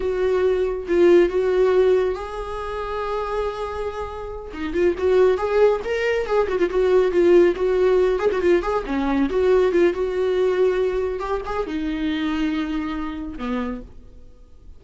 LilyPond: \new Staff \with { instrumentName = "viola" } { \time 4/4 \tempo 4 = 139 fis'2 f'4 fis'4~ | fis'4 gis'2.~ | gis'2~ gis'8 dis'8 f'8 fis'8~ | fis'8 gis'4 ais'4 gis'8 fis'16 f'16 fis'8~ |
fis'8 f'4 fis'4. gis'16 fis'16 f'8 | gis'8 cis'4 fis'4 f'8 fis'4~ | fis'2 g'8 gis'8 dis'4~ | dis'2. b4 | }